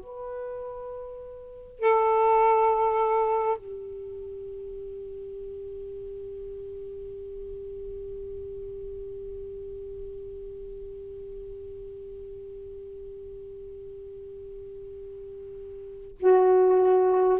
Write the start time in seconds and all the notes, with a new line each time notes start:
0.00 B4
1.80 A4
3.57 G4
16.20 F#4